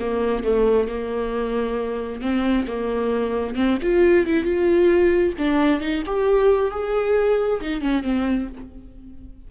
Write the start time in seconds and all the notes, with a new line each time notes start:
0.00 A#3
0.44 A3
0.89 A#3
2.21 C4
2.67 A#3
3.56 C4
3.83 F4
4.27 E4
4.44 F4
5.39 D4
5.81 D#4
6.06 G4
6.71 G#4
7.61 D#4
7.81 C#4
8.03 C4